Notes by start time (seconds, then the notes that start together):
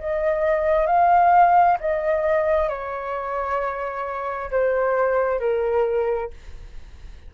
0.00 D#5
0.87 F5
1.80 D#5
2.69 C#5
4.51 C5
5.40 A#4